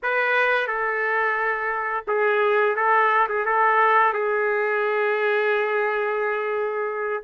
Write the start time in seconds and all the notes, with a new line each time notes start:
0.03 B4
0.67 A4
2.07 G#4
2.76 A4
3.29 G#4
3.45 A4
4.13 G#4